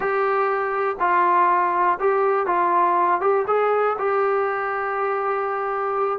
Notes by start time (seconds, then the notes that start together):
0.00 G4
0.99 F4
1.99 G4
2.46 F4
3.20 G4
3.47 G#4
3.98 G4